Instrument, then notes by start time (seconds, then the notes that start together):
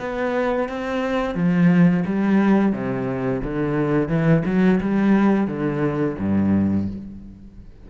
cello
0.00 B3
0.69 C4
1.35 F3
2.06 G3
2.73 C3
3.43 D3
4.08 E3
4.45 F#3
4.81 G3
5.47 D3
6.18 G2